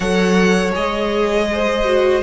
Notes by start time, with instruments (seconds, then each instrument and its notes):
0.00 cello F#3, viola A4, violin C#5 F#5
0.73 cello G#3, viola G#4, violin D#5
1.52 violin C5
1.85 viola F#4